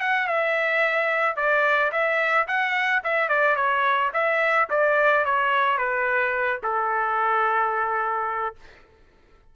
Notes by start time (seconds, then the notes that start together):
0.00 F#5
0.27 E5
1.36 D5
1.92 E5
2.47 F#5
3.04 E5
3.28 D5
3.56 C#5
4.13 E5
4.70 D5
5.25 C#5
5.78 B4
6.63 A4